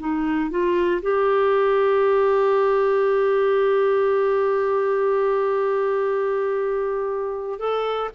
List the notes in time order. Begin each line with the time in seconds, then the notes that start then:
0.00 D#4
0.51 F4
1.02 G4
7.59 A4